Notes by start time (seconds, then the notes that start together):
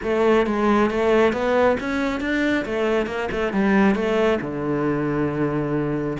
0.02 A3
0.46 G#3
0.90 A3
1.32 B3
1.80 C#4
2.20 D4
2.65 A3
3.06 A#3
3.31 A3
3.52 G3
3.95 A3
4.41 D3